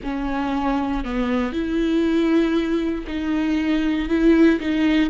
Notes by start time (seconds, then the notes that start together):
0.03 C#4
1.04 B3
1.52 E4
3.07 D#4
4.09 E4
4.60 D#4